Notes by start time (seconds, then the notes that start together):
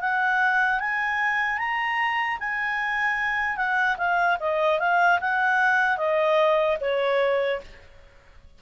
0.00 F#5
0.80 G#5
1.58 A#5
2.40 G#5
3.57 F#5
3.97 F5
4.40 D#5
4.79 F5
5.20 F#5
5.97 D#5
6.80 C#5